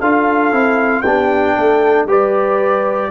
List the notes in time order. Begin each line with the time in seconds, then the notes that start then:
0.00 D4 F4 A4 F5
0.52 C4 E4
1.02 B3 D4 G4 G5
1.55 A3 A4
2.05 G3 G4 B4 D5